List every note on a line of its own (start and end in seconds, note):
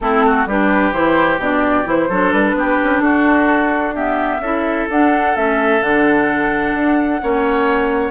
0.01 0.46 A3
0.01 0.48 C4
0.01 0.25 E4
0.01 0.47 A4
0.26 0.48 F#4
0.46 0.92 G3
0.46 0.93 D4
0.46 2.08 G4
0.46 0.93 B4
0.92 1.37 E3
0.92 1.39 E4
0.92 1.39 C5
1.37 1.84 B2
1.37 1.85 D4
1.37 1.88 D5
1.85 2.09 E3
1.85 2.08 E4
1.85 2.32 C5
2.08 2.32 F#3
2.08 3.95 D4
2.08 2.55 A4
2.32 2.53 G3
2.32 3.00 B4
2.53 2.77 B3
2.53 3.02 G4
2.83 2.99 C#4
2.99 4.39 D4
2.99 3.94 F#4
2.99 3.93 A4
3.94 4.42 B3
3.94 4.41 G4
3.94 4.88 E5
4.39 4.86 C#4
4.39 4.90 E4
4.39 7.21 A4
4.89 5.36 D4
4.89 5.35 D4
4.89 5.36 F#5
5.35 5.81 A3
5.35 5.81 C#4
5.35 5.82 E5
5.81 6.74 D3
5.81 7.21 D4
5.81 8.10 F#5
6.74 7.20 D4
7.21 8.10 A#3
7.21 8.10 C#4
7.21 8.10 C#5